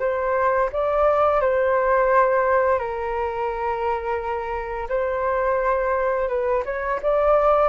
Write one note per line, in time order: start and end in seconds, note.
0.00 0.70 C5
0.72 1.41 D5
1.41 2.79 C5
2.79 4.88 A#4
4.89 6.29 C5
6.29 6.63 B4
6.65 7.00 C#5
7.03 7.69 D5